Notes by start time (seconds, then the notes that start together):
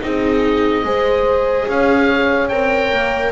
0.00 C4 D#4 G#4 D#5
0.84 G#3 G#4 C5
1.67 C#4 C#5 F5
2.48 C4 A#4 G5
2.92 A#3